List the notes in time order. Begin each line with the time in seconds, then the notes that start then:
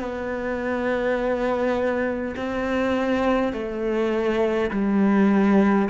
0.00 B3
2.36 C4
3.53 A3
4.71 G3